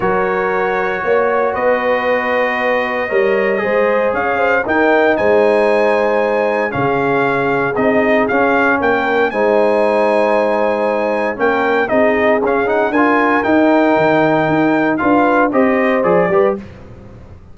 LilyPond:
<<
  \new Staff \with { instrumentName = "trumpet" } { \time 4/4 \tempo 4 = 116 cis''2. dis''4~ | dis''1 | f''4 g''4 gis''2~ | gis''4 f''2 dis''4 |
f''4 g''4 gis''2~ | gis''2 g''4 dis''4 | f''8 fis''8 gis''4 g''2~ | g''4 f''4 dis''4 d''4 | }
  \new Staff \with { instrumentName = "horn" } { \time 4/4 ais'2 cis''4 b'4~ | b'2 cis''4 c''4 | cis''8 c''8 ais'4 c''2~ | c''4 gis'2.~ |
gis'4 ais'4 c''2~ | c''2 ais'4 gis'4~ | gis'4 ais'2.~ | ais'4 b'4 c''4. b'8 | }
  \new Staff \with { instrumentName = "trombone" } { \time 4/4 fis'1~ | fis'2 ais'4 gis'4~ | gis'4 dis'2.~ | dis'4 cis'2 dis'4 |
cis'2 dis'2~ | dis'2 cis'4 dis'4 | cis'8 dis'8 f'4 dis'2~ | dis'4 f'4 g'4 gis'8 g'8 | }
  \new Staff \with { instrumentName = "tuba" } { \time 4/4 fis2 ais4 b4~ | b2 g4 gis4 | cis'4 dis'4 gis2~ | gis4 cis2 c'4 |
cis'4 ais4 gis2~ | gis2 ais4 c'4 | cis'4 d'4 dis'4 dis4 | dis'4 d'4 c'4 f8 g8 | }
>>